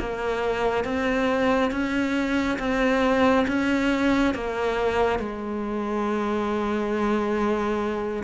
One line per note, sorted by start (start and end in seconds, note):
0.00 0.85 A#3
0.85 1.72 C4
1.72 2.58 C#4
2.59 3.46 C4
3.48 4.35 C#4
4.35 5.19 A#3
5.19 8.24 G#3